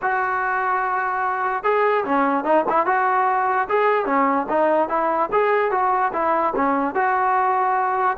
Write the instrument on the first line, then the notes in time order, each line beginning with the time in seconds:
trombone
0.02 F#4
1.63 G#4
2.05 C#4
2.44 D#4
2.69 E4
2.86 F#4
3.68 G#4
4.05 C#4
4.49 D#4
4.88 E4
5.32 G#4
5.71 F#4
6.12 E4
6.55 C#4
6.94 F#4